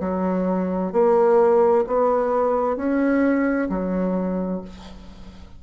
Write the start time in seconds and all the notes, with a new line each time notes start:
0.00 F#3
0.92 A#3
1.87 B3
2.76 C#4
3.69 F#3